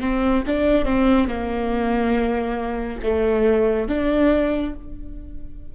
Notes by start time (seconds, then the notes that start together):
0.00 C4
0.46 D4
0.85 C4
1.27 A#3
3.03 A3
3.88 D4